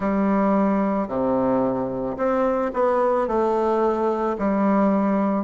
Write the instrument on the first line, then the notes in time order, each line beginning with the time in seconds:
bassoon
0.00 G3
1.08 C3
2.17 C4
2.73 B3
3.27 A3
4.38 G3